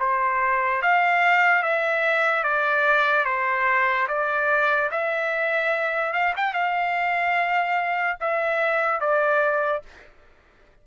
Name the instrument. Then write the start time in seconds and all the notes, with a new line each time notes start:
trumpet
0.00 C5
0.82 F5
1.63 E5
2.44 D5
3.25 C5
4.08 D5
4.92 E5
6.13 F5
6.37 G5
6.54 F5
8.20 E5
9.00 D5